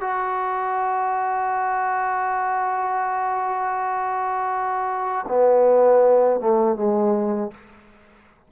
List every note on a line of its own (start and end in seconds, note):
0.00 5.25 F#4
5.27 6.40 B3
6.40 6.76 A3
6.76 7.51 G#3